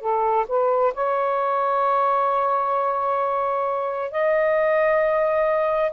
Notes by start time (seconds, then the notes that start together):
0.00 A4
0.48 B4
0.94 C#5
4.11 D#5